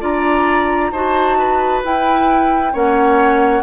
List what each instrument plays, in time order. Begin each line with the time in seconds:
0.00 bassoon D4, clarinet F4, oboe D5, flute A#5
0.91 bassoon D#4, clarinet F#4, oboe C5, flute A5
1.38 oboe B4
1.84 clarinet E4, bassoon E4, flute G5
2.73 bassoon A#3, clarinet C#4, oboe C#5, flute F#5